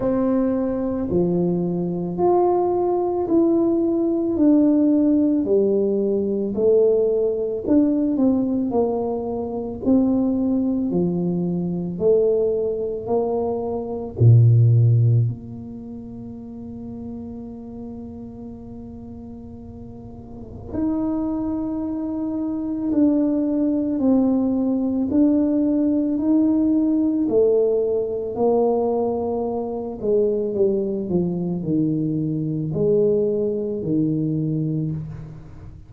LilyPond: \new Staff \with { instrumentName = "tuba" } { \time 4/4 \tempo 4 = 55 c'4 f4 f'4 e'4 | d'4 g4 a4 d'8 c'8 | ais4 c'4 f4 a4 | ais4 ais,4 ais2~ |
ais2. dis'4~ | dis'4 d'4 c'4 d'4 | dis'4 a4 ais4. gis8 | g8 f8 dis4 gis4 dis4 | }